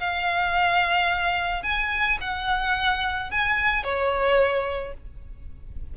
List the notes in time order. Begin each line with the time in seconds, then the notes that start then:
0.00 F5
1.63 G#5
2.21 F#5
3.31 G#5
3.84 C#5